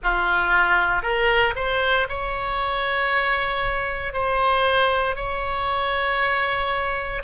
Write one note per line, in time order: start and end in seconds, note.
0.03 1.02 F4
1.02 1.54 A#4
1.55 2.07 C5
2.08 4.13 C#5
4.13 5.15 C5
5.15 7.22 C#5